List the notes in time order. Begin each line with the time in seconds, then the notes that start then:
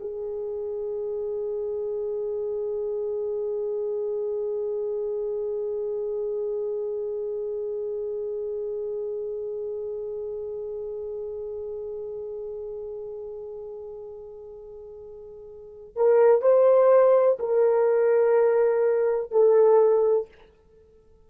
0.00 G#4
15.96 A#4
16.42 C5
17.40 A#4
19.32 A4